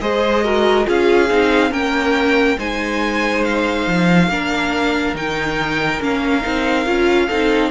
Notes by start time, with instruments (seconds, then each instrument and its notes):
0.00 cello G#3, viola G#4, violin C5 D#5
0.44 viola F#4, violin A#4
0.85 cello C#4, viola F4, violin G#4 F5
1.30 cello C4, viola D#4
1.70 cello A#3, viola C#4, violin A#4 G5
2.58 cello G#3, viola D#4, violin C5 G#5
3.44 violin F5
3.87 cello F3
4.29 cello A#3, viola D4, violin A#4
5.14 cello D#3, viola D#4, violin G5
6.00 cello A#3, viola C#4, violin F5
6.41 cello C4, viola D#4
6.86 cello C#4, viola F4
7.27 cello C4, viola D#4, violin A4